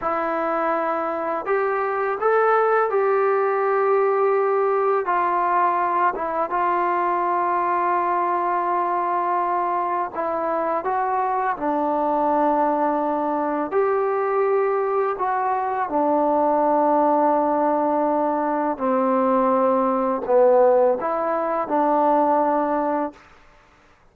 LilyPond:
\new Staff \with { instrumentName = "trombone" } { \time 4/4 \tempo 4 = 83 e'2 g'4 a'4 | g'2. f'4~ | f'8 e'8 f'2.~ | f'2 e'4 fis'4 |
d'2. g'4~ | g'4 fis'4 d'2~ | d'2 c'2 | b4 e'4 d'2 | }